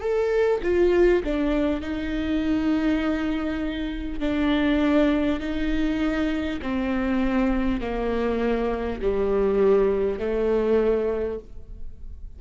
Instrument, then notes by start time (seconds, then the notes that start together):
viola
0.00 A4
0.63 F4
1.24 D4
1.81 D#4
4.19 D4
5.39 D#4
6.61 C4
7.80 A#3
9.01 G3
10.18 A3